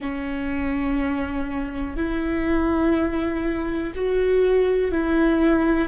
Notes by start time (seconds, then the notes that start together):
0.00 C#4
1.96 E4
3.95 F#4
4.91 E4